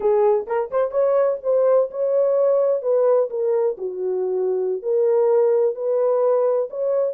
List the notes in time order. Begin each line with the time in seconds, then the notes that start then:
0.00 G#4
0.46 A#4
0.70 C5
0.91 C#5
1.43 C5
1.90 C#5
2.82 B4
3.30 A#4
3.77 F#4
4.82 A#4
5.75 B4
6.69 C#5